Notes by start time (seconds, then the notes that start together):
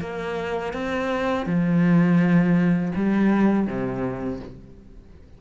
0.00 A#3
0.73 C4
1.46 F3
2.95 G3
3.67 C3